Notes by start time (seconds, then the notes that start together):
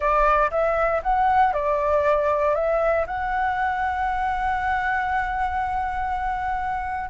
0.00 D5
0.50 E5
1.02 F#5
1.53 D5
2.54 E5
3.06 F#5